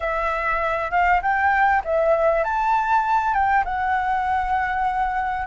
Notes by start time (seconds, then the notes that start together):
0.00 E5
0.90 F5
1.21 G5
1.84 E5
2.44 A5
3.33 G5
3.64 F#5